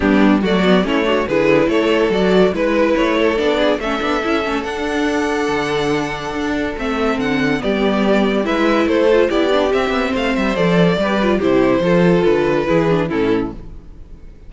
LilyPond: <<
  \new Staff \with { instrumentName = "violin" } { \time 4/4 \tempo 4 = 142 g'4 d''4 cis''4 b'4 | cis''4 d''4 b'4 cis''4 | d''4 e''2 fis''4~ | fis''1 |
e''4 fis''4 d''2 | e''4 c''4 d''4 e''4 | f''8 e''8 d''2 c''4~ | c''4 b'2 a'4 | }
  \new Staff \with { instrumentName = "violin" } { \time 4/4 d'4 fis'4 e'8 fis'8 gis'4 | a'2 b'4. a'8~ | a'8 gis'8 a'2.~ | a'1~ |
a'2 g'2 | b'4 a'4 g'2 | c''2 b'4 g'4 | a'2 gis'4 e'4 | }
  \new Staff \with { instrumentName = "viola" } { \time 4/4 b4 a8 b8 cis'8 d'8 e'4~ | e'4 fis'4 e'2 | d'4 cis'8 d'8 e'8 cis'8 d'4~ | d'1 |
c'2 b2 | e'4. f'8 e'8 d'8 c'4~ | c'4 a'4 g'8 f'8 e'4 | f'2 e'8 d'8 cis'4 | }
  \new Staff \with { instrumentName = "cello" } { \time 4/4 g4 fis4 a4 d4 | a4 fis4 gis4 a4 | b4 a8 b8 cis'8 a8 d'4~ | d'4 d2 d'4 |
a4 d4 g2 | gis4 a4 b4 c'8 b8 | a8 g8 f4 g4 c4 | f4 d4 e4 a,4 | }
>>